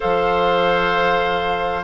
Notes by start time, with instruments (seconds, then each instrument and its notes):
0.00 bassoon F3, clarinet A4, oboe C5, flute F5